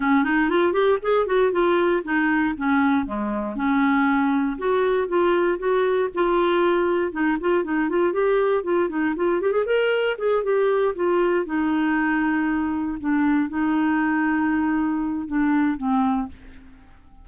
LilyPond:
\new Staff \with { instrumentName = "clarinet" } { \time 4/4 \tempo 4 = 118 cis'8 dis'8 f'8 g'8 gis'8 fis'8 f'4 | dis'4 cis'4 gis4 cis'4~ | cis'4 fis'4 f'4 fis'4 | f'2 dis'8 f'8 dis'8 f'8 |
g'4 f'8 dis'8 f'8 g'16 gis'16 ais'4 | gis'8 g'4 f'4 dis'4.~ | dis'4. d'4 dis'4.~ | dis'2 d'4 c'4 | }